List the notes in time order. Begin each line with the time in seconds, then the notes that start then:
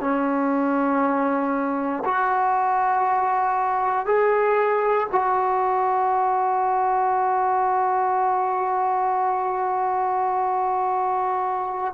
0.00 C#4
2.04 F#4
4.05 G#4
5.11 F#4